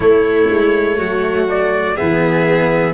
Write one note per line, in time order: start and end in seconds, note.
0.00 1.95 A3
0.00 0.49 A3
0.00 0.97 E4
0.00 1.47 C#5
0.50 0.98 G#3
0.97 1.97 F#3
0.97 1.94 F#4
1.49 1.97 D5
1.94 2.94 E3
1.94 2.94 B3
1.94 2.93 G#4
1.94 2.94 E5